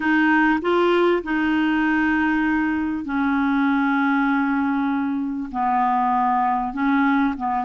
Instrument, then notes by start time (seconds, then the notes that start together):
clarinet
0.00 D#4
0.61 F4
1.23 D#4
3.04 C#4
5.51 B3
6.73 C#4
7.37 B3